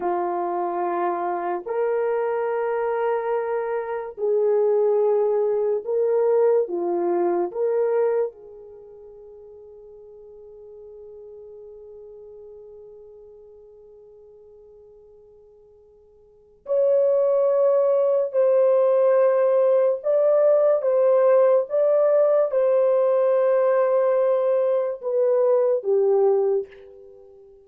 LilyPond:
\new Staff \with { instrumentName = "horn" } { \time 4/4 \tempo 4 = 72 f'2 ais'2~ | ais'4 gis'2 ais'4 | f'4 ais'4 gis'2~ | gis'1~ |
gis'1 | cis''2 c''2 | d''4 c''4 d''4 c''4~ | c''2 b'4 g'4 | }